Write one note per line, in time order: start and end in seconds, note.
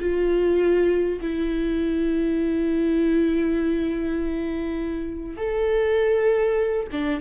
0.00 1.20 F4
1.21 5.38 E4
5.38 6.88 A4
6.92 7.21 D4